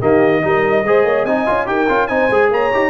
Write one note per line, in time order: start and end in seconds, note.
0.00 0.43 D#3
0.00 0.41 A#3
0.00 0.41 G4
0.00 1.25 D#5
0.42 0.83 G3
0.42 0.84 D#4
0.42 0.85 A#4
0.83 1.03 G#3
0.83 1.27 G#4
0.83 1.05 C5
1.03 1.24 A#3
1.03 1.24 C#5
1.24 1.45 C4
1.24 1.46 D#4
1.24 1.66 D#5
1.24 1.66 G#5
1.46 1.66 C#4
1.46 1.66 F4
1.66 1.87 D#4
1.66 1.86 G4
1.66 2.09 A#4
1.66 2.07 G5
1.89 2.09 C#4
1.89 2.09 F4
2.07 2.29 C4
2.07 2.29 D#4
2.07 2.50 C5
2.07 2.48 G#5
2.29 2.50 G#3
2.29 2.72 G#4
2.50 2.70 A#3
2.50 2.90 C#5
2.50 2.90 A#5
2.72 2.90 D#4
2.72 2.90 G4